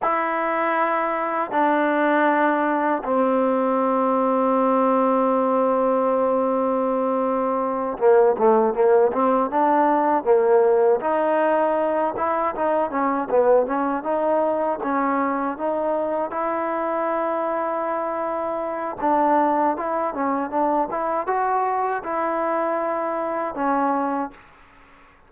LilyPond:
\new Staff \with { instrumentName = "trombone" } { \time 4/4 \tempo 4 = 79 e'2 d'2 | c'1~ | c'2~ c'8 ais8 a8 ais8 | c'8 d'4 ais4 dis'4. |
e'8 dis'8 cis'8 b8 cis'8 dis'4 cis'8~ | cis'8 dis'4 e'2~ e'8~ | e'4 d'4 e'8 cis'8 d'8 e'8 | fis'4 e'2 cis'4 | }